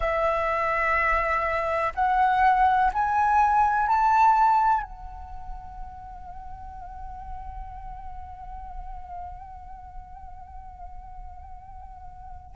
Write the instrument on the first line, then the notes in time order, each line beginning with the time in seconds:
flute
0.00 E5
1.94 F#5
2.93 G#5
3.88 A5
4.82 F#5